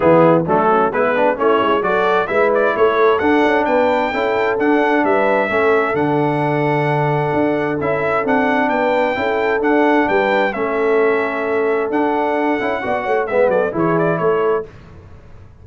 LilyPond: <<
  \new Staff \with { instrumentName = "trumpet" } { \time 4/4 \tempo 4 = 131 gis'4 a'4 b'4 cis''4 | d''4 e''8 d''8 cis''4 fis''4 | g''2 fis''4 e''4~ | e''4 fis''2.~ |
fis''4 e''4 fis''4 g''4~ | g''4 fis''4 g''4 e''4~ | e''2 fis''2~ | fis''4 e''8 d''8 cis''8 d''8 cis''4 | }
  \new Staff \with { instrumentName = "horn" } { \time 4/4 e'4 d'8 cis'8 b4 e'4 | a'4 b'4 a'2 | b'4 a'2 b'4 | a'1~ |
a'2. b'4 | a'2 b'4 a'4~ | a'1 | d''8 cis''8 b'8 a'8 gis'4 a'4 | }
  \new Staff \with { instrumentName = "trombone" } { \time 4/4 b4 a4 e'8 d'8 cis'4 | fis'4 e'2 d'4~ | d'4 e'4 d'2 | cis'4 d'2.~ |
d'4 e'4 d'2 | e'4 d'2 cis'4~ | cis'2 d'4. e'8 | fis'4 b4 e'2 | }
  \new Staff \with { instrumentName = "tuba" } { \time 4/4 e4 fis4 gis4 a8 gis8 | fis4 gis4 a4 d'8 cis'8 | b4 cis'4 d'4 g4 | a4 d2. |
d'4 cis'4 c'4 b4 | cis'4 d'4 g4 a4~ | a2 d'4. cis'8 | b8 a8 gis8 fis8 e4 a4 | }
>>